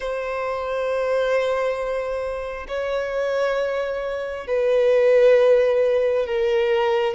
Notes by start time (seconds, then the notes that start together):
0.00 C5
2.68 C#5
4.47 B4
6.26 A#4